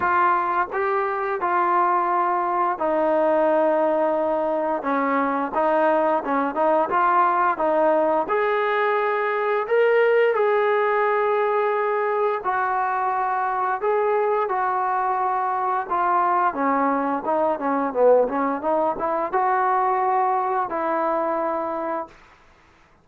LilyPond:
\new Staff \with { instrumentName = "trombone" } { \time 4/4 \tempo 4 = 87 f'4 g'4 f'2 | dis'2. cis'4 | dis'4 cis'8 dis'8 f'4 dis'4 | gis'2 ais'4 gis'4~ |
gis'2 fis'2 | gis'4 fis'2 f'4 | cis'4 dis'8 cis'8 b8 cis'8 dis'8 e'8 | fis'2 e'2 | }